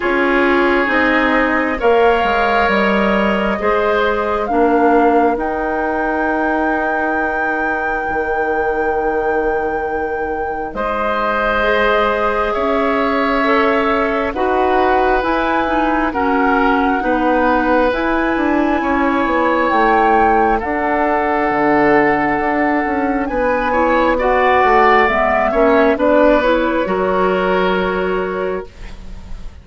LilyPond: <<
  \new Staff \with { instrumentName = "flute" } { \time 4/4 \tempo 4 = 67 cis''4 dis''4 f''4 dis''4~ | dis''4 f''4 g''2~ | g''1 | dis''2 e''2 |
fis''4 gis''4 fis''2 | gis''2 g''4 fis''4~ | fis''2 gis''4 fis''4 | e''4 d''8 cis''2~ cis''8 | }
  \new Staff \with { instrumentName = "oboe" } { \time 4/4 gis'2 cis''2 | c''4 ais'2.~ | ais'1 | c''2 cis''2 |
b'2 ais'4 b'4~ | b'4 cis''2 a'4~ | a'2 b'8 cis''8 d''4~ | d''8 cis''8 b'4 ais'2 | }
  \new Staff \with { instrumentName = "clarinet" } { \time 4/4 f'4 dis'4 ais'2 | gis'4 d'4 dis'2~ | dis'1~ | dis'4 gis'2 a'4 |
fis'4 e'8 dis'8 cis'4 dis'4 | e'2. d'4~ | d'2~ d'8 e'8 fis'4 | b8 cis'8 d'8 e'8 fis'2 | }
  \new Staff \with { instrumentName = "bassoon" } { \time 4/4 cis'4 c'4 ais8 gis8 g4 | gis4 ais4 dis'2~ | dis'4 dis2. | gis2 cis'2 |
dis'4 e'4 fis'4 b4 | e'8 d'8 cis'8 b8 a4 d'4 | d4 d'8 cis'8 b4. a8 | gis8 ais8 b4 fis2 | }
>>